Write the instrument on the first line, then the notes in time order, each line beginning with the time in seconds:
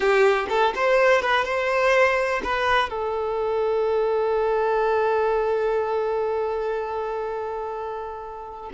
violin
0.00 G4
0.49 A4
0.75 C5
1.21 B4
1.44 C5
2.43 B4
2.89 A4